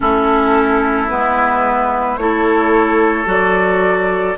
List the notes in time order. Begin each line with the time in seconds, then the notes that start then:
0.00 A3 C#4 E4 A4
1.09 G#3 B3 B4
2.17 A3 E4 A4 C#5
3.25 F#3 F#4 D5